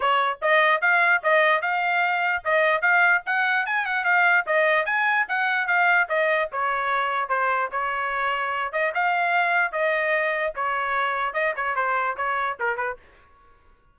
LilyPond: \new Staff \with { instrumentName = "trumpet" } { \time 4/4 \tempo 4 = 148 cis''4 dis''4 f''4 dis''4 | f''2 dis''4 f''4 | fis''4 gis''8 fis''8 f''4 dis''4 | gis''4 fis''4 f''4 dis''4 |
cis''2 c''4 cis''4~ | cis''4. dis''8 f''2 | dis''2 cis''2 | dis''8 cis''8 c''4 cis''4 ais'8 b'8 | }